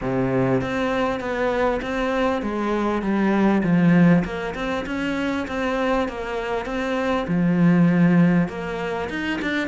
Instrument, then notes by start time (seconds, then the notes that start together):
cello
0.01 C3
0.61 C4
1.20 B3
1.82 C4
2.41 G#3
3.01 G3
3.63 F3
4.24 A#3
4.55 C4
4.86 C#4
5.47 C4
6.08 A#3
6.65 C4
7.27 F3
8.48 A#3
9.09 D#4
9.41 D4